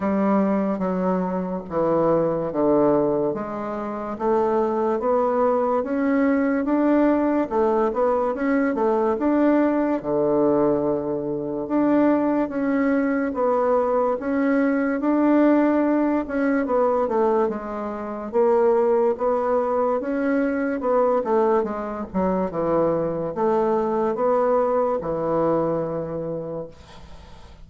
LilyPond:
\new Staff \with { instrumentName = "bassoon" } { \time 4/4 \tempo 4 = 72 g4 fis4 e4 d4 | gis4 a4 b4 cis'4 | d'4 a8 b8 cis'8 a8 d'4 | d2 d'4 cis'4 |
b4 cis'4 d'4. cis'8 | b8 a8 gis4 ais4 b4 | cis'4 b8 a8 gis8 fis8 e4 | a4 b4 e2 | }